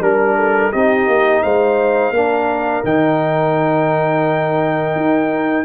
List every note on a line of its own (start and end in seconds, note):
0.00 0.71 G3
0.00 0.72 D4
0.00 0.72 A#4
0.00 0.37 A#4
0.37 0.72 A4
0.72 1.07 C4
0.72 2.13 D#4
0.72 1.43 G4
0.72 1.42 D#5
1.07 1.43 A#3
1.42 2.10 G#3
1.42 2.13 C5
1.42 2.84 F5
2.10 2.81 A#3
2.10 2.84 D4
2.10 5.65 A#4
2.84 4.95 D#3
2.84 5.65 D#4
2.84 5.65 G5
4.95 5.65 D#4